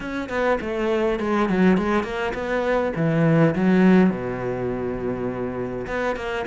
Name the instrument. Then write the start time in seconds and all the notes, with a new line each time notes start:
cello
0.00 C#4
0.29 B3
0.60 A3
1.19 G#3
1.49 F#3
1.77 G#3
2.03 A#3
2.34 B3
2.96 E3
3.55 F#3
4.10 B2
5.87 B3
6.16 A#3